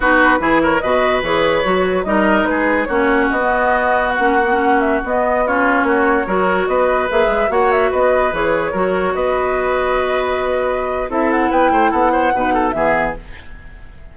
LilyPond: <<
  \new Staff \with { instrumentName = "flute" } { \time 4/4 \tempo 4 = 146 b'4. cis''8 dis''4 cis''4~ | cis''4 dis''4 b'4 cis''4 | dis''2 fis''4.~ fis''16 e''16~ | e''16 dis''4 cis''2~ cis''8.~ |
cis''16 dis''4 e''4 fis''8 e''8 dis''8.~ | dis''16 cis''2 dis''4.~ dis''16~ | dis''2. e''8 fis''8 | g''4 fis''2 e''4 | }
  \new Staff \with { instrumentName = "oboe" } { \time 4/4 fis'4 gis'8 ais'8 b'2~ | b'4 ais'4 gis'4 fis'4~ | fis'1~ | fis'4~ fis'16 f'4 fis'4 ais'8.~ |
ais'16 b'2 cis''4 b'8.~ | b'4~ b'16 ais'4 b'4.~ b'16~ | b'2. a'4 | b'8 c''8 a'8 c''8 b'8 a'8 gis'4 | }
  \new Staff \with { instrumentName = "clarinet" } { \time 4/4 dis'4 e'4 fis'4 gis'4 | fis'4 dis'2 cis'4~ | cis'16 b2 cis'8 b16 cis'4~ | cis'16 b4 cis'2 fis'8.~ |
fis'4~ fis'16 gis'4 fis'4.~ fis'16~ | fis'16 gis'4 fis'2~ fis'8.~ | fis'2. e'4~ | e'2 dis'4 b4 | }
  \new Staff \with { instrumentName = "bassoon" } { \time 4/4 b4 e4 b,4 e4 | fis4 g4 gis4 ais4 | b2~ b16 ais4.~ ais16~ | ais16 b2 ais4 fis8.~ |
fis16 b4 ais8 gis8 ais4 b8.~ | b16 e4 fis4 b4.~ b16~ | b2. c'4 | b8 a8 b4 b,4 e4 | }
>>